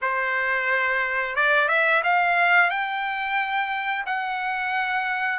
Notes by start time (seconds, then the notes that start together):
0.01 C5
1.35 D5
1.68 E5
2.03 F5
2.70 G5
4.06 F#5